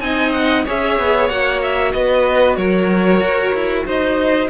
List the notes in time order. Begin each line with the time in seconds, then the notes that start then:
0.00 C4 D#4 D#5 G#5
0.32 F#5
0.64 C#4 G#4 C#5 E5
0.99 B3
1.28 A#3 F#4 F#5
1.62 E5
1.93 B3 B4 D#5
2.56 F#3 A#4 C#5
3.20 F#4
3.54 E4
3.86 D#4 C5 D#5